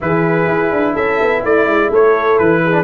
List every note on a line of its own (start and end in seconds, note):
0.01 0.47 E3
0.01 2.71 E4
0.01 0.93 G#4
0.01 0.95 B4
0.47 0.71 E4
0.71 0.95 D4
0.93 1.20 C#4
0.93 1.41 A4
0.93 1.43 E5
1.21 1.44 B3
1.41 1.66 A3
1.41 1.89 E4
1.41 1.92 D5
1.66 1.89 G#3
1.91 2.38 A3
1.91 2.62 A4
1.91 2.38 C#5
2.38 2.83 E3
2.38 2.83 B4
2.64 2.83 G#4
2.71 2.83 D4